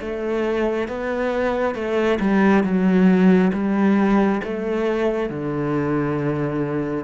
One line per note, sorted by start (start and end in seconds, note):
0.00 0.88 A3
0.88 1.74 B3
1.74 2.19 A3
2.20 2.63 G3
2.63 3.51 F#3
3.53 4.41 G3
4.43 5.29 A3
5.29 7.04 D3